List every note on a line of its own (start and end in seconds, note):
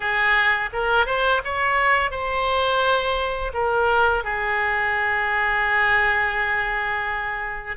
0.00 0.69 G#4
0.72 1.06 A#4
1.06 1.41 C5
1.44 2.10 C#5
2.10 3.52 C5
3.53 4.24 A#4
4.24 7.76 G#4